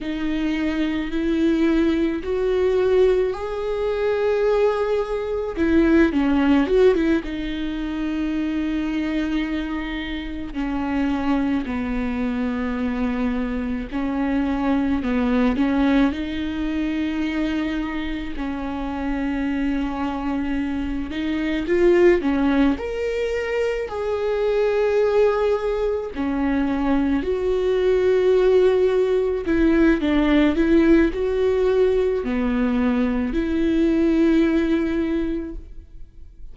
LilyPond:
\new Staff \with { instrumentName = "viola" } { \time 4/4 \tempo 4 = 54 dis'4 e'4 fis'4 gis'4~ | gis'4 e'8 cis'8 fis'16 e'16 dis'4.~ | dis'4. cis'4 b4.~ | b8 cis'4 b8 cis'8 dis'4.~ |
dis'8 cis'2~ cis'8 dis'8 f'8 | cis'8 ais'4 gis'2 cis'8~ | cis'8 fis'2 e'8 d'8 e'8 | fis'4 b4 e'2 | }